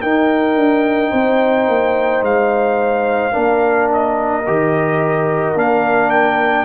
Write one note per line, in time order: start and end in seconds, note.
0.00 3.31 D#4
0.00 0.55 D#4
0.00 1.10 A#4
0.00 2.23 G5
0.55 1.11 D4
1.10 1.68 C4
1.10 3.32 C5
1.68 2.22 A#3
2.22 3.33 G#3
2.22 3.91 F5
3.31 4.47 A#3
3.31 4.43 D4
3.31 6.65 A#4
3.93 5.58 D#5
4.46 5.55 D#3
4.46 5.55 G4
5.55 6.65 A#3
5.55 6.65 D4
5.55 6.09 F5
6.09 6.65 G5